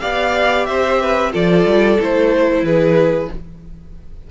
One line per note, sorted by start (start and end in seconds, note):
0.00 0.68 B3
0.00 1.31 G4
0.00 0.67 D5
0.00 0.66 F5
0.66 1.34 C4
0.66 1.01 C5
0.66 1.31 E5
1.01 1.32 B4
1.31 1.65 F3
1.31 1.97 F4
1.31 2.64 A4
1.31 2.00 D5
1.65 1.98 G3
1.98 2.62 A3
1.98 3.30 E4
1.98 2.65 C5
2.62 3.28 E3
2.62 3.30 G#4
2.62 3.30 B4